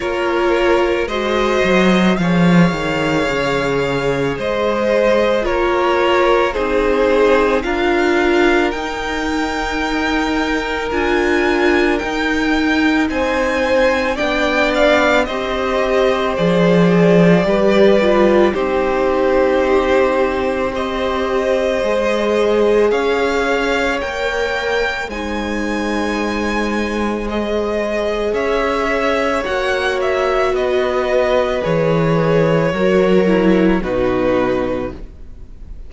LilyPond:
<<
  \new Staff \with { instrumentName = "violin" } { \time 4/4 \tempo 4 = 55 cis''4 dis''4 f''2 | dis''4 cis''4 c''4 f''4 | g''2 gis''4 g''4 | gis''4 g''8 f''8 dis''4 d''4~ |
d''4 c''2 dis''4~ | dis''4 f''4 g''4 gis''4~ | gis''4 dis''4 e''4 fis''8 e''8 | dis''4 cis''2 b'4 | }
  \new Staff \with { instrumentName = "violin" } { \time 4/4 ais'4 c''4 cis''2 | c''4 ais'4 gis'4 ais'4~ | ais'1 | c''4 d''4 c''2 |
b'4 g'2 c''4~ | c''4 cis''2 c''4~ | c''2 cis''2 | b'2 ais'4 fis'4 | }
  \new Staff \with { instrumentName = "viola" } { \time 4/4 f'4 fis'4 gis'2~ | gis'4 f'4 dis'4 f'4 | dis'2 f'4 dis'4~ | dis'4 d'4 g'4 gis'4 |
g'8 f'8 dis'2 g'4 | gis'2 ais'4 dis'4~ | dis'4 gis'2 fis'4~ | fis'4 gis'4 fis'8 e'8 dis'4 | }
  \new Staff \with { instrumentName = "cello" } { \time 4/4 ais4 gis8 fis8 f8 dis8 cis4 | gis4 ais4 c'4 d'4 | dis'2 d'4 dis'4 | c'4 b4 c'4 f4 |
g4 c'2. | gis4 cis'4 ais4 gis4~ | gis2 cis'4 ais4 | b4 e4 fis4 b,4 | }
>>